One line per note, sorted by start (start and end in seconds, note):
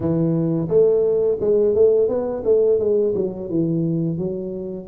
0.00 0.68 E3
0.68 1.38 A3
1.40 1.74 G#3
1.74 2.08 A3
2.08 2.43 B3
2.44 2.79 A3
2.79 3.14 G#3
3.14 3.49 F#3
3.49 4.17 E3
4.17 4.87 F#3